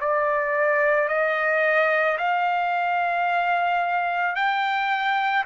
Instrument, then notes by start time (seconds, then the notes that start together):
trumpet
0.00 D5
1.08 D#5
2.18 F5
4.35 G5